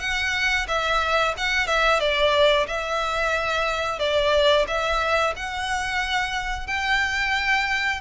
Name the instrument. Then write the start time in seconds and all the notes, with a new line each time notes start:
violin
0.00 F#5
0.68 E5
1.38 F#5
1.67 E5
2.00 D5
2.67 E5
3.99 D5
4.68 E5
5.36 F#5
6.67 G5